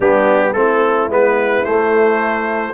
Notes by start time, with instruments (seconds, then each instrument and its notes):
0.00 tuba G3, trombone B3, horn D4, trumpet G4
0.53 tuba A3, trombone C4, horn E4, trumpet A4
1.09 tuba G#3, trombone B3, trumpet B4
1.64 tuba A3, trombone A3, trumpet C5